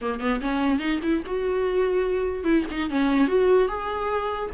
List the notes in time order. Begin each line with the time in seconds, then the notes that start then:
0.01 A#3
0.20 B3
0.40 C#4
0.79 D#4
1.02 E4
1.26 F#4
2.43 E4
2.70 D#4
2.90 C#4
3.27 F#4
3.68 G#4